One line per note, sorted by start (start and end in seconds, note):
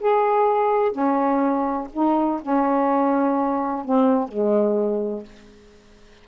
0.00 0.92 G#4
0.92 1.88 C#4
1.93 2.41 D#4
2.42 3.85 C#4
3.85 4.29 C4
4.29 5.25 G#3